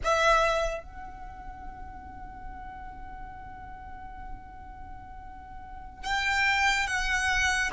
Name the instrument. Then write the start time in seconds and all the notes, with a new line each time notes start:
violin
0.03 E5
0.83 F#5
6.03 G5
6.87 F#5